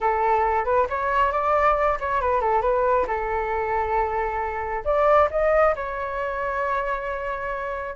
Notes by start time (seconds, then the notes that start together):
0.01 A4
0.64 B4
0.89 C#5
1.32 D5
2.00 C#5
2.21 B4
2.40 A4
2.61 B4
3.07 A4
4.84 D5
5.30 D#5
5.75 C#5